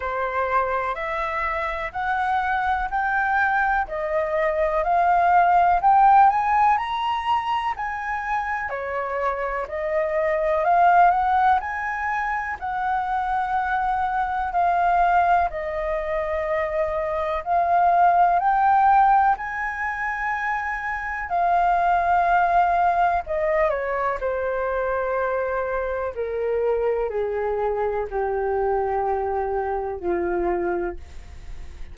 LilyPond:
\new Staff \with { instrumentName = "flute" } { \time 4/4 \tempo 4 = 62 c''4 e''4 fis''4 g''4 | dis''4 f''4 g''8 gis''8 ais''4 | gis''4 cis''4 dis''4 f''8 fis''8 | gis''4 fis''2 f''4 |
dis''2 f''4 g''4 | gis''2 f''2 | dis''8 cis''8 c''2 ais'4 | gis'4 g'2 f'4 | }